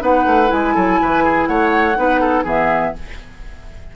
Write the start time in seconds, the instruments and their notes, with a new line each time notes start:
0.00 bassoon B3, clarinet D#4, oboe B4, flute F#5
0.26 bassoon A3
0.48 bassoon G#3, clarinet E4, flute G#5
0.75 bassoon F#3, oboe A4
1.02 bassoon E3, oboe B4
1.24 oboe G#4
1.47 bassoon A3, oboe C#5, flute F#5
1.96 bassoon B3, clarinet D#4, oboe B4
2.21 oboe A4
2.44 bassoon E3, clarinet B3, oboe G#4, flute E5